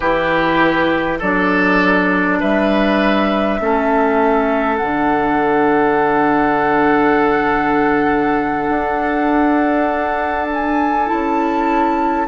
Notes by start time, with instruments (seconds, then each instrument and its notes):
0.00 bassoon E3, clarinet E4, oboe G4, flute B4
1.19 bassoon F#3, clarinet D4, oboe A4, flute D5
2.40 bassoon G3, oboe B4, flute E5
3.60 bassoon A3, clarinet C#4, oboe A4
4.76 bassoon D3, clarinet D4, flute F#5
8.69 bassoon D4
10.53 flute G#5
11.06 clarinet E4, flute A5
11.13 bassoon C#4